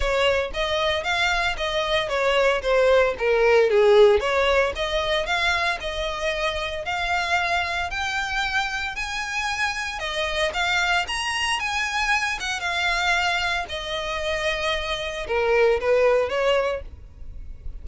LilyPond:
\new Staff \with { instrumentName = "violin" } { \time 4/4 \tempo 4 = 114 cis''4 dis''4 f''4 dis''4 | cis''4 c''4 ais'4 gis'4 | cis''4 dis''4 f''4 dis''4~ | dis''4 f''2 g''4~ |
g''4 gis''2 dis''4 | f''4 ais''4 gis''4. fis''8 | f''2 dis''2~ | dis''4 ais'4 b'4 cis''4 | }